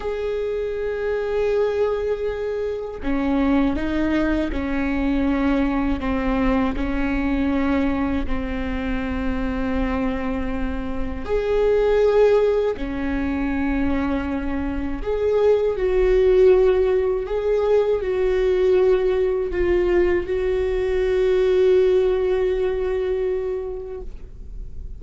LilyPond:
\new Staff \with { instrumentName = "viola" } { \time 4/4 \tempo 4 = 80 gis'1 | cis'4 dis'4 cis'2 | c'4 cis'2 c'4~ | c'2. gis'4~ |
gis'4 cis'2. | gis'4 fis'2 gis'4 | fis'2 f'4 fis'4~ | fis'1 | }